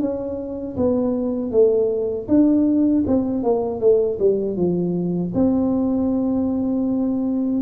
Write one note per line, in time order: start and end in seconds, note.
0.00 0.76 C#4
0.77 1.51 B3
1.51 2.27 A3
2.28 3.04 D4
3.07 3.43 C4
3.43 3.80 A#3
3.80 4.18 A3
4.19 4.57 G3
4.57 5.33 F3
5.35 7.62 C4